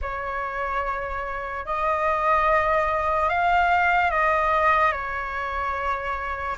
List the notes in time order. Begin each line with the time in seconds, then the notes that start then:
0.01 C#5
1.65 D#5
3.29 F5
4.11 D#5
4.92 C#5